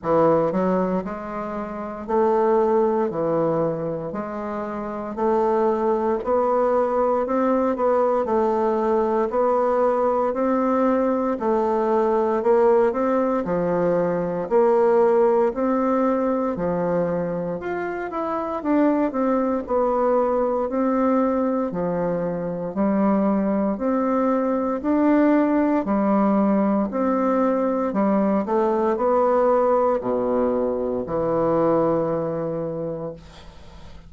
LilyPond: \new Staff \with { instrumentName = "bassoon" } { \time 4/4 \tempo 4 = 58 e8 fis8 gis4 a4 e4 | gis4 a4 b4 c'8 b8 | a4 b4 c'4 a4 | ais8 c'8 f4 ais4 c'4 |
f4 f'8 e'8 d'8 c'8 b4 | c'4 f4 g4 c'4 | d'4 g4 c'4 g8 a8 | b4 b,4 e2 | }